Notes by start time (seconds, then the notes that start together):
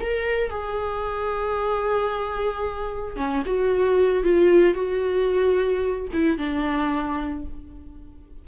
0.00 A#4
0.50 G#4
3.16 C#4
3.46 F#4
4.23 F4
4.74 F#4
6.13 E4
6.37 D4